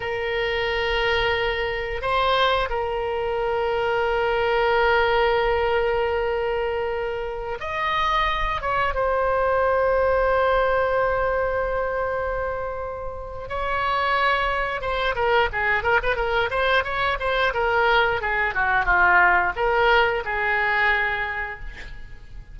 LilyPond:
\new Staff \with { instrumentName = "oboe" } { \time 4/4 \tempo 4 = 89 ais'2. c''4 | ais'1~ | ais'2.~ ais'16 dis''8.~ | dis''8. cis''8 c''2~ c''8.~ |
c''1 | cis''2 c''8 ais'8 gis'8 ais'16 b'16 | ais'8 c''8 cis''8 c''8 ais'4 gis'8 fis'8 | f'4 ais'4 gis'2 | }